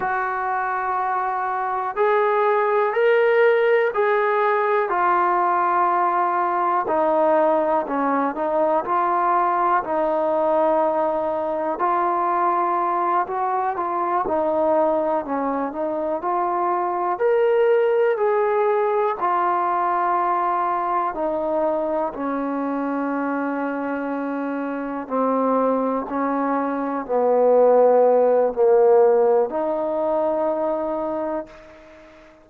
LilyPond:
\new Staff \with { instrumentName = "trombone" } { \time 4/4 \tempo 4 = 61 fis'2 gis'4 ais'4 | gis'4 f'2 dis'4 | cis'8 dis'8 f'4 dis'2 | f'4. fis'8 f'8 dis'4 cis'8 |
dis'8 f'4 ais'4 gis'4 f'8~ | f'4. dis'4 cis'4.~ | cis'4. c'4 cis'4 b8~ | b4 ais4 dis'2 | }